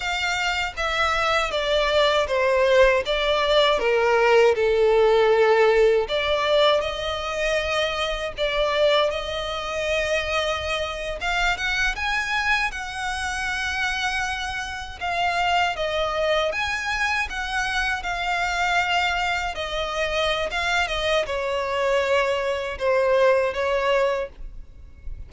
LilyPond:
\new Staff \with { instrumentName = "violin" } { \time 4/4 \tempo 4 = 79 f''4 e''4 d''4 c''4 | d''4 ais'4 a'2 | d''4 dis''2 d''4 | dis''2~ dis''8. f''8 fis''8 gis''16~ |
gis''8. fis''2. f''16~ | f''8. dis''4 gis''4 fis''4 f''16~ | f''4.~ f''16 dis''4~ dis''16 f''8 dis''8 | cis''2 c''4 cis''4 | }